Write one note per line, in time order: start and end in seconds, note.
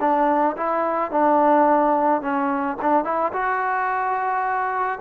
0.00 0.56 D4
0.57 1.11 E4
1.11 2.21 D4
2.21 2.77 C#4
2.82 3.04 D4
3.04 3.32 E4
3.33 4.99 F#4